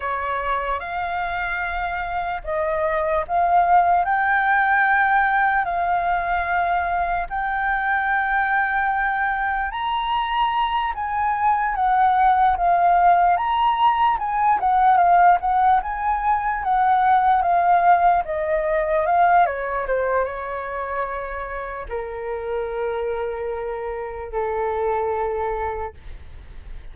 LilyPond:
\new Staff \with { instrumentName = "flute" } { \time 4/4 \tempo 4 = 74 cis''4 f''2 dis''4 | f''4 g''2 f''4~ | f''4 g''2. | ais''4. gis''4 fis''4 f''8~ |
f''8 ais''4 gis''8 fis''8 f''8 fis''8 gis''8~ | gis''8 fis''4 f''4 dis''4 f''8 | cis''8 c''8 cis''2 ais'4~ | ais'2 a'2 | }